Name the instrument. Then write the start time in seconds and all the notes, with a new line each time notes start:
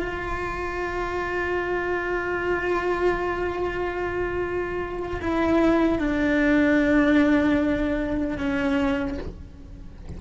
cello
0.00 F4
5.21 E4
5.98 D4
8.38 C#4